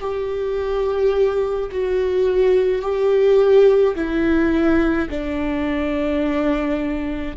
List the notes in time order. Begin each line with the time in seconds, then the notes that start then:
0.00 G4
1.71 F#4
2.81 G4
3.95 E4
5.09 D4